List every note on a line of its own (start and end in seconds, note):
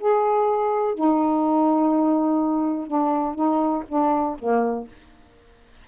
0.00 0.94 G#4
0.94 2.87 D#4
2.87 3.35 D4
3.35 3.84 D#4
3.88 4.37 D4
4.39 4.88 A#3